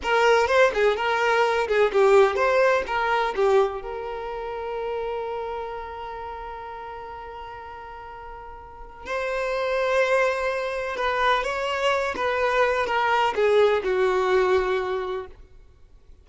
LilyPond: \new Staff \with { instrumentName = "violin" } { \time 4/4 \tempo 4 = 126 ais'4 c''8 gis'8 ais'4. gis'8 | g'4 c''4 ais'4 g'4 | ais'1~ | ais'1~ |
ais'2. c''4~ | c''2. b'4 | cis''4. b'4. ais'4 | gis'4 fis'2. | }